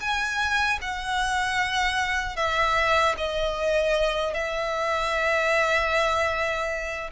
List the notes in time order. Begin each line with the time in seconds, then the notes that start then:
0.00 G#5
0.81 F#5
2.36 E5
3.17 D#5
4.33 E5